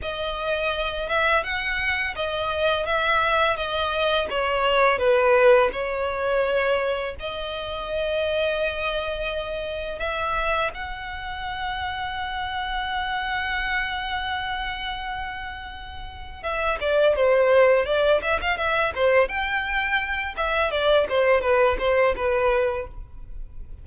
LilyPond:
\new Staff \with { instrumentName = "violin" } { \time 4/4 \tempo 4 = 84 dis''4. e''8 fis''4 dis''4 | e''4 dis''4 cis''4 b'4 | cis''2 dis''2~ | dis''2 e''4 fis''4~ |
fis''1~ | fis''2. e''8 d''8 | c''4 d''8 e''16 f''16 e''8 c''8 g''4~ | g''8 e''8 d''8 c''8 b'8 c''8 b'4 | }